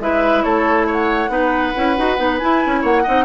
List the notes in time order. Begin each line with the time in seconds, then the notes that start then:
0.00 G#3 E4 B4 E5
0.43 A3 A4 C#5
0.87 C#5 F#5
1.29 B3 D#4 B4
1.75 C#4 E4
1.97 D#4 F#4
2.17 B3 D#4
2.38 E4 G#5
2.66 C#4
2.81 A#3 C#5 F#5
3.03 C4 D#4 D#5